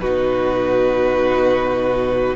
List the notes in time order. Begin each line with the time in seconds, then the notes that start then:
0.00 B2 D#4 F#4 B4